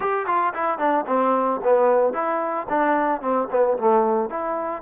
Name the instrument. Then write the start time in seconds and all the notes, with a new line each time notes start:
trombone
0.00 G4
0.26 F4
0.54 E4
0.78 D4
1.07 C4
1.63 B3
2.13 E4
2.69 D4
3.21 C4
3.50 B3
3.78 A3
4.29 E4